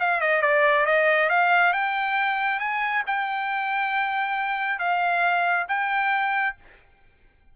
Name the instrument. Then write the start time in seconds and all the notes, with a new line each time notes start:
trumpet
0.00 F5
0.21 D#5
0.42 D5
0.86 D#5
1.30 F5
1.73 G5
2.60 G#5
3.07 G5
4.79 F5
5.68 G5